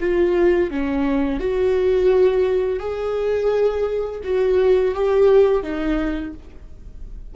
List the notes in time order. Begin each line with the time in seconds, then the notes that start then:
0.00 F4
0.70 C#4
1.40 F#4
2.79 G#4
4.24 F#4
4.94 G4
5.63 D#4